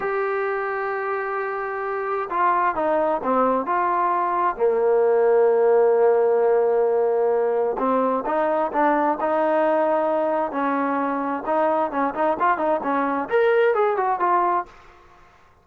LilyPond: \new Staff \with { instrumentName = "trombone" } { \time 4/4 \tempo 4 = 131 g'1~ | g'4 f'4 dis'4 c'4 | f'2 ais2~ | ais1~ |
ais4 c'4 dis'4 d'4 | dis'2. cis'4~ | cis'4 dis'4 cis'8 dis'8 f'8 dis'8 | cis'4 ais'4 gis'8 fis'8 f'4 | }